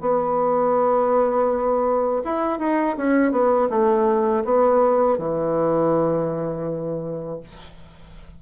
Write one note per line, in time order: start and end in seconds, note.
0.00 2.22 B3
2.24 2.59 E4
2.59 2.96 D#4
2.97 3.31 C#4
3.31 3.68 B3
3.69 4.43 A3
4.44 5.18 B3
5.18 7.40 E3